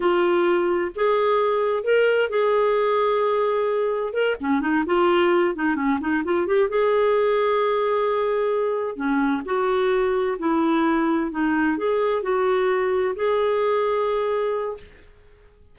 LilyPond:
\new Staff \with { instrumentName = "clarinet" } { \time 4/4 \tempo 4 = 130 f'2 gis'2 | ais'4 gis'2.~ | gis'4 ais'8 cis'8 dis'8 f'4. | dis'8 cis'8 dis'8 f'8 g'8 gis'4.~ |
gis'2.~ gis'8 cis'8~ | cis'8 fis'2 e'4.~ | e'8 dis'4 gis'4 fis'4.~ | fis'8 gis'2.~ gis'8 | }